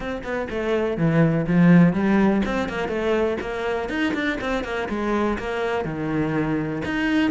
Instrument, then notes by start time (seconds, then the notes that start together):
cello
0.00 C4
0.23 B3
0.49 A3
0.97 E3
1.46 F3
1.93 G3
2.45 C4
2.68 A#3
2.88 A3
3.40 A#3
3.89 D#4
4.14 D4
4.41 C4
4.64 A#3
4.89 G#3
5.38 A#3
5.84 D#3
6.84 D#4